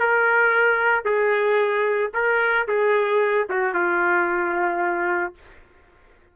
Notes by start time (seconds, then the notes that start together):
0.00 A#4
1.05 G#4
2.14 A#4
2.68 G#4
3.50 F#4
3.74 F4